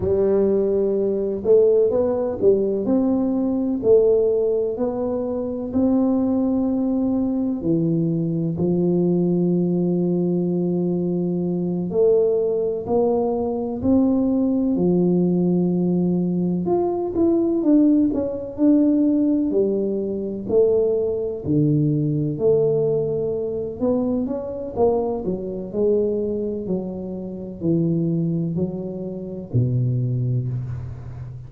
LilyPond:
\new Staff \with { instrumentName = "tuba" } { \time 4/4 \tempo 4 = 63 g4. a8 b8 g8 c'4 | a4 b4 c'2 | e4 f2.~ | f8 a4 ais4 c'4 f8~ |
f4. f'8 e'8 d'8 cis'8 d'8~ | d'8 g4 a4 d4 a8~ | a4 b8 cis'8 ais8 fis8 gis4 | fis4 e4 fis4 b,4 | }